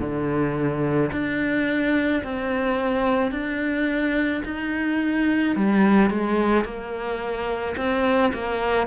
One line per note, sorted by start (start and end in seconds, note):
0.00 1.11 D3
1.12 2.23 D4
2.24 3.32 C4
3.32 4.43 D4
4.45 5.56 D#4
5.56 6.11 G3
6.11 6.65 G#3
6.65 7.76 A#3
7.77 8.33 C4
8.34 8.87 A#3